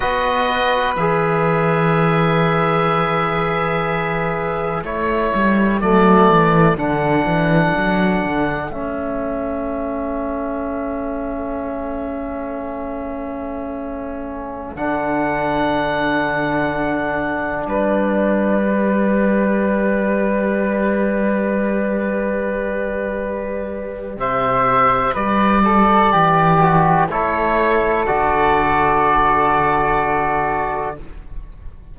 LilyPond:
<<
  \new Staff \with { instrumentName = "oboe" } { \time 4/4 \tempo 4 = 62 dis''4 e''2.~ | e''4 cis''4 d''4 fis''4~ | fis''4 e''2.~ | e''2.~ e''16 fis''8.~ |
fis''2~ fis''16 d''4.~ d''16~ | d''1~ | d''4 e''4 d''2 | cis''4 d''2. | }
  \new Staff \with { instrumentName = "flute" } { \time 4/4 b'1~ | b'4 a'2.~ | a'1~ | a'1~ |
a'2~ a'16 b'4.~ b'16~ | b'1~ | b'4 c''4 b'8 a'8 g'4 | a'1 | }
  \new Staff \with { instrumentName = "trombone" } { \time 4/4 fis'4 gis'2.~ | gis'4 e'4 a4 d'4~ | d'4 cis'2.~ | cis'2.~ cis'16 d'8.~ |
d'2.~ d'16 g'8.~ | g'1~ | g'2.~ g'8 fis'8 | e'4 fis'2. | }
  \new Staff \with { instrumentName = "cello" } { \time 4/4 b4 e2.~ | e4 a8 g8 fis8 e8 d8 e8 | fis8 d8 a2.~ | a2.~ a16 d8.~ |
d2~ d16 g4.~ g16~ | g1~ | g4 c4 g4 e4 | a4 d2. | }
>>